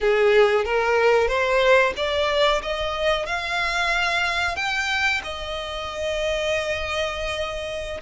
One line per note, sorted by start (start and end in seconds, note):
0.00 0.65 G#4
0.65 1.27 A#4
1.27 1.93 C5
1.96 2.61 D5
2.61 3.25 D#5
3.25 4.56 F5
4.56 5.21 G5
5.23 8.00 D#5